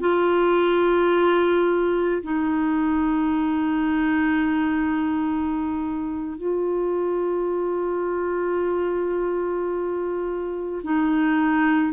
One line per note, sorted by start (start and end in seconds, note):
0.00 2.22 F4
2.23 6.37 D#4
6.37 10.82 F4
10.83 11.93 D#4